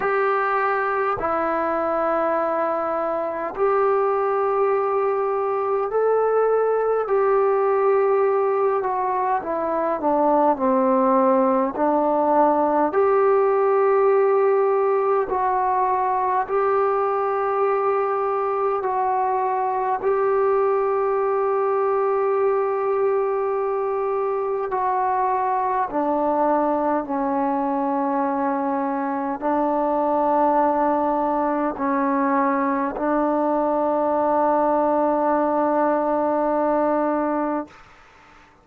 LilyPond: \new Staff \with { instrumentName = "trombone" } { \time 4/4 \tempo 4 = 51 g'4 e'2 g'4~ | g'4 a'4 g'4. fis'8 | e'8 d'8 c'4 d'4 g'4~ | g'4 fis'4 g'2 |
fis'4 g'2.~ | g'4 fis'4 d'4 cis'4~ | cis'4 d'2 cis'4 | d'1 | }